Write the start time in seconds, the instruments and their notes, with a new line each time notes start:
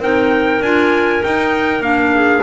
0.00 double bass C4, clarinet D#4 A#4, trumpet G5
0.61 double bass D4, clarinet F4, trumpet G#5
1.23 clarinet D#4, double bass D#4, trumpet G5
1.81 double bass A#3, clarinet D4, trumpet F5
2.15 clarinet G#4